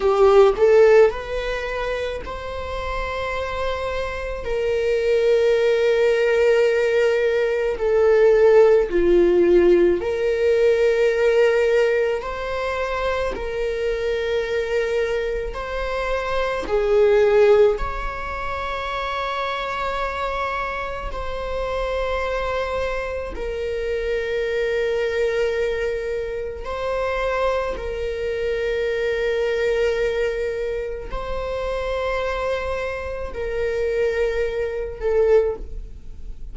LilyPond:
\new Staff \with { instrumentName = "viola" } { \time 4/4 \tempo 4 = 54 g'8 a'8 b'4 c''2 | ais'2. a'4 | f'4 ais'2 c''4 | ais'2 c''4 gis'4 |
cis''2. c''4~ | c''4 ais'2. | c''4 ais'2. | c''2 ais'4. a'8 | }